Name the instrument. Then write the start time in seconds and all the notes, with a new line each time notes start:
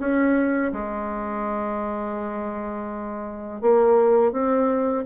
bassoon
0.00 C#4
0.73 G#3
3.61 A#3
4.32 C4